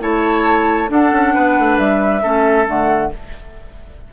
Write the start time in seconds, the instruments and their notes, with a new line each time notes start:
0.00 bassoon A3, clarinet E4, oboe C#5, flute A5
0.88 clarinet D4, bassoon D4, oboe A4, flute F#5
1.12 bassoon C#4
1.34 bassoon B3, oboe B4
1.58 bassoon A3
1.78 bassoon G3, flute E5
2.22 bassoon A3, clarinet C#4, oboe A4
2.66 bassoon D3, clarinet A3, flute F#5